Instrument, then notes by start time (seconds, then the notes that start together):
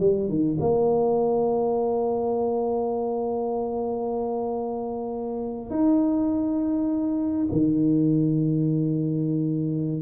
tuba
0.00 G3
0.29 D#3
0.60 A#3
5.71 D#4
7.52 D#3